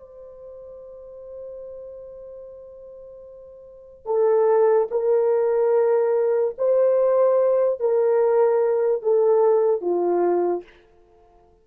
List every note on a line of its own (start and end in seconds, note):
0.00 4.06 C5
4.06 4.88 A4
4.91 6.55 A#4
6.58 7.80 C5
7.80 9.02 A#4
9.02 9.81 A4
9.81 10.63 F4